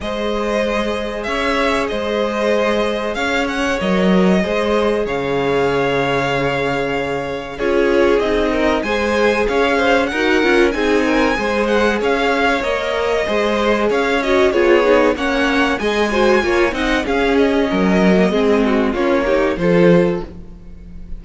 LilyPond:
<<
  \new Staff \with { instrumentName = "violin" } { \time 4/4 \tempo 4 = 95 dis''2 e''4 dis''4~ | dis''4 f''8 fis''8 dis''2 | f''1 | cis''4 dis''4 gis''4 f''4 |
fis''4 gis''4. fis''8 f''4 | dis''2 f''8 dis''8 cis''4 | fis''4 gis''4. fis''8 f''8 dis''8~ | dis''2 cis''4 c''4 | }
  \new Staff \with { instrumentName = "violin" } { \time 4/4 c''2 cis''4 c''4~ | c''4 cis''2 c''4 | cis''1 | gis'4. ais'8 c''4 cis''8 c''8 |
ais'4 gis'8 ais'8 c''4 cis''4~ | cis''4 c''4 cis''4 gis'4 | cis''4 dis''8 c''8 cis''8 dis''8 gis'4 | ais'4 gis'8 fis'8 f'8 g'8 a'4 | }
  \new Staff \with { instrumentName = "viola" } { \time 4/4 gis'1~ | gis'2 ais'4 gis'4~ | gis'1 | f'4 dis'4 gis'2 |
fis'8 f'8 dis'4 gis'2 | ais'4 gis'4. fis'8 f'8 dis'8 | cis'4 gis'8 fis'8 f'8 dis'8 cis'4~ | cis'8. ais16 c'4 cis'8 dis'8 f'4 | }
  \new Staff \with { instrumentName = "cello" } { \time 4/4 gis2 cis'4 gis4~ | gis4 cis'4 fis4 gis4 | cis1 | cis'4 c'4 gis4 cis'4 |
dis'8 cis'8 c'4 gis4 cis'4 | ais4 gis4 cis'4 b4 | ais4 gis4 ais8 c'8 cis'4 | fis4 gis4 ais4 f4 | }
>>